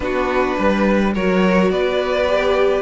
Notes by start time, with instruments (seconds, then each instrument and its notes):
0.00 cello B3, viola D4, violin F#4 B4
0.57 cello G3, violin B4
1.14 cello F#3, viola F#4, violin A#4 C#5
1.70 cello B3, violin B4 D5
2.27 viola G4